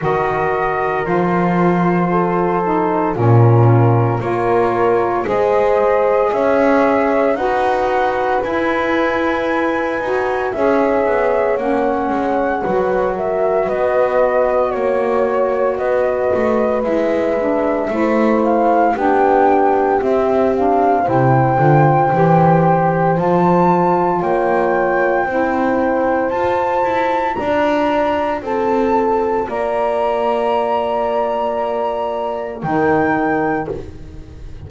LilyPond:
<<
  \new Staff \with { instrumentName = "flute" } { \time 4/4 \tempo 4 = 57 dis''4 c''2 ais'4 | cis''4 dis''4 e''4 fis''4 | gis''2 e''4 fis''4~ | fis''8 e''8 dis''4 cis''4 dis''4 |
e''4. f''8 g''4 e''8 f''8 | g''2 a''4 g''4~ | g''4 a''4 ais''4 a''4 | ais''2. g''4 | }
  \new Staff \with { instrumentName = "horn" } { \time 4/4 ais'2 a'4 f'4 | ais'4 c''4 cis''4 b'4~ | b'2 cis''2 | b'8 ais'8 b'4 cis''4 b'4~ |
b'4 c''4 g'2 | c''2. cis''4 | c''2 d''4 a'4 | d''2. ais'4 | }
  \new Staff \with { instrumentName = "saxophone" } { \time 4/4 fis'4 f'4. dis'8 cis'4 | f'4 gis'2 fis'4 | e'4. fis'8 gis'4 cis'4 | fis'1 |
e'8 d'8 e'4 d'4 c'8 d'8 | e'8 f'8 g'4 f'2 | e'4 f'2.~ | f'2. dis'4 | }
  \new Staff \with { instrumentName = "double bass" } { \time 4/4 dis4 f2 ais,4 | ais4 gis4 cis'4 dis'4 | e'4. dis'8 cis'8 b8 ais8 gis8 | fis4 b4 ais4 b8 a8 |
gis4 a4 b4 c'4 | c8 d8 e4 f4 ais4 | c'4 f'8 e'8 d'4 c'4 | ais2. dis4 | }
>>